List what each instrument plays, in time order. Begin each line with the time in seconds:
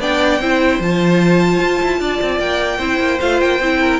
0.00 cello B3, viola D4, violin D5 G5
0.40 cello C4, viola E4, violin C5
0.80 cello F3, viola F4, violin A5
1.61 cello F4
1.83 cello E4
2.00 cello D4, violin D5
2.22 cello C4
2.40 cello A#3, violin G5
2.78 cello C4, viola E4, violin C5
3.00 cello A#3
3.21 cello A3, viola F4, violin F5
3.41 cello A#3, violin G5
3.60 cello C4, viola E4
3.81 violin A#4